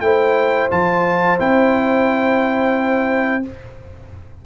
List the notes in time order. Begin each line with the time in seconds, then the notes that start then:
0.00 A3 E4 C5 G5
0.71 F3 F4 A5
1.38 C4 E4 G5